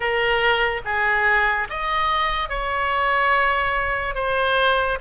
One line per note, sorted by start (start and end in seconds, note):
0.00 0.81 A#4
0.84 1.67 G#4
1.69 2.48 D#5
2.48 4.14 C#5
4.14 4.98 C5